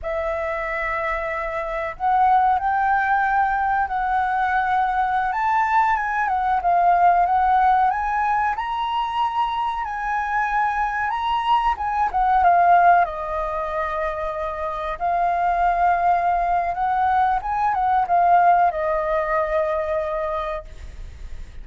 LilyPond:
\new Staff \with { instrumentName = "flute" } { \time 4/4 \tempo 4 = 93 e''2. fis''4 | g''2 fis''2~ | fis''16 a''4 gis''8 fis''8 f''4 fis''8.~ | fis''16 gis''4 ais''2 gis''8.~ |
gis''4~ gis''16 ais''4 gis''8 fis''8 f''8.~ | f''16 dis''2. f''8.~ | f''2 fis''4 gis''8 fis''8 | f''4 dis''2. | }